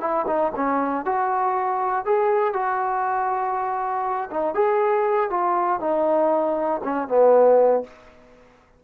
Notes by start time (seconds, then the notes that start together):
0.00 E4
0.26 D#4
0.55 C#4
1.05 F#4
2.05 G#4
2.53 F#4
4.30 D#4
4.54 G#4
5.30 F4
5.80 D#4
6.83 C#4
7.08 B3